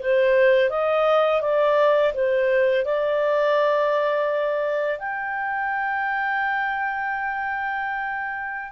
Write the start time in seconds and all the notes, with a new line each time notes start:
0.00 C5
0.70 D#5
1.42 D5
2.14 C5
2.85 D5
4.99 G5